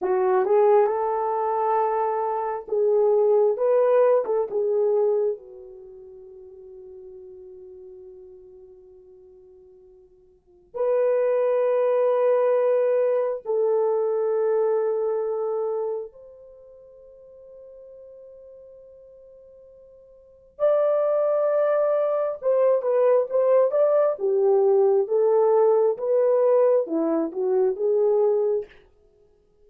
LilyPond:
\new Staff \with { instrumentName = "horn" } { \time 4/4 \tempo 4 = 67 fis'8 gis'8 a'2 gis'4 | b'8. a'16 gis'4 fis'2~ | fis'1 | b'2. a'4~ |
a'2 c''2~ | c''2. d''4~ | d''4 c''8 b'8 c''8 d''8 g'4 | a'4 b'4 e'8 fis'8 gis'4 | }